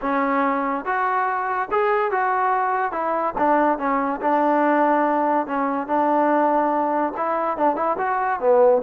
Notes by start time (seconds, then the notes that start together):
0.01 C#4
0.85 F#4
1.71 G#4
2.11 F#4
2.92 E4
3.38 D4
3.78 C#4
4.21 D4
5.47 C#4
5.87 D4
7.16 E4
7.57 D4
7.76 E4
7.98 F#4
8.40 B3